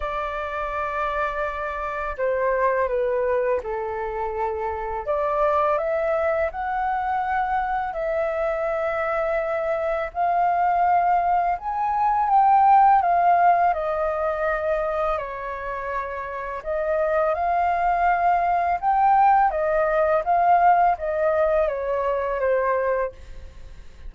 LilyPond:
\new Staff \with { instrumentName = "flute" } { \time 4/4 \tempo 4 = 83 d''2. c''4 | b'4 a'2 d''4 | e''4 fis''2 e''4~ | e''2 f''2 |
gis''4 g''4 f''4 dis''4~ | dis''4 cis''2 dis''4 | f''2 g''4 dis''4 | f''4 dis''4 cis''4 c''4 | }